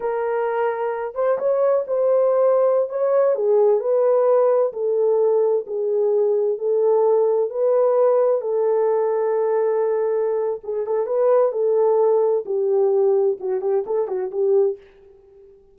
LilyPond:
\new Staff \with { instrumentName = "horn" } { \time 4/4 \tempo 4 = 130 ais'2~ ais'8 c''8 cis''4 | c''2~ c''16 cis''4 gis'8.~ | gis'16 b'2 a'4.~ a'16~ | a'16 gis'2 a'4.~ a'16~ |
a'16 b'2 a'4.~ a'16~ | a'2. gis'8 a'8 | b'4 a'2 g'4~ | g'4 fis'8 g'8 a'8 fis'8 g'4 | }